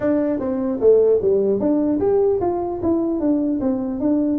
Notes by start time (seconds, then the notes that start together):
0.00 D4
0.39 C4
0.80 A3
1.22 G3
1.59 D4
2.00 G4
2.40 F4
2.82 E4
3.20 D4
3.60 C4
4.00 D4